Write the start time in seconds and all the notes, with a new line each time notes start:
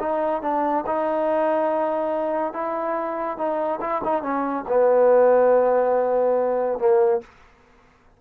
0.00 D#4
0.42 D4
0.87 D#4
2.53 E4
3.38 D#4
3.81 E4
4.04 D#4
4.23 C#4
4.68 B3
6.79 A#3